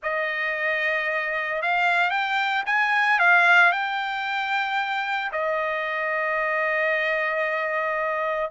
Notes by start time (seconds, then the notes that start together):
0.02 D#5
1.62 F5
2.10 G5
2.66 G#5
3.19 F5
3.72 G5
5.32 D#5